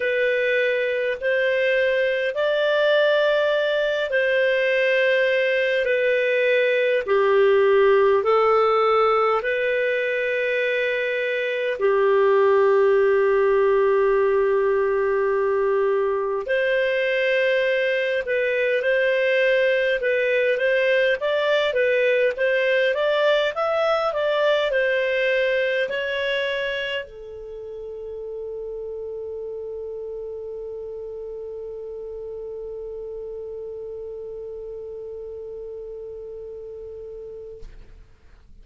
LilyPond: \new Staff \with { instrumentName = "clarinet" } { \time 4/4 \tempo 4 = 51 b'4 c''4 d''4. c''8~ | c''4 b'4 g'4 a'4 | b'2 g'2~ | g'2 c''4. b'8 |
c''4 b'8 c''8 d''8 b'8 c''8 d''8 | e''8 d''8 c''4 cis''4 a'4~ | a'1~ | a'1 | }